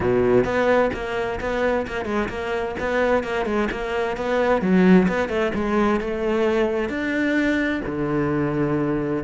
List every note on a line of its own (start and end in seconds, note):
0.00 0.44 B2
0.44 0.90 B3
0.93 1.39 A#3
1.40 1.86 B3
1.87 2.05 A#3
2.05 2.28 G#3
2.28 2.75 A#3
2.79 3.23 B3
3.23 3.45 A#3
3.45 3.68 G#3
3.71 4.16 A#3
4.16 4.61 B3
4.61 5.07 F#3
5.08 5.28 B3
5.28 5.52 A3
5.54 6.00 G#3
6.00 6.89 A3
6.89 7.81 D4
7.85 9.23 D3